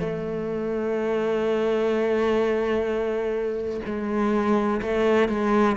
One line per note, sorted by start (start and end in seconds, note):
0.00 3.81 A3
3.86 4.81 G#3
4.82 5.29 A3
5.29 5.77 G#3